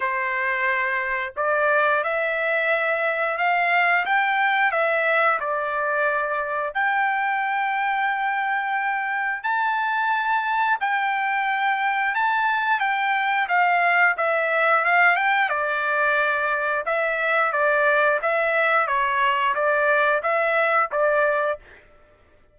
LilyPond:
\new Staff \with { instrumentName = "trumpet" } { \time 4/4 \tempo 4 = 89 c''2 d''4 e''4~ | e''4 f''4 g''4 e''4 | d''2 g''2~ | g''2 a''2 |
g''2 a''4 g''4 | f''4 e''4 f''8 g''8 d''4~ | d''4 e''4 d''4 e''4 | cis''4 d''4 e''4 d''4 | }